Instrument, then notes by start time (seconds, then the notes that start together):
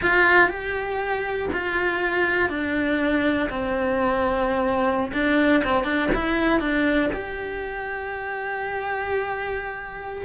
cello
0.02 F4
0.48 G4
1.52 F4
2.49 D4
3.49 C4
5.12 D4
5.63 C4
5.84 D4
6.14 E4
6.60 D4
7.12 G4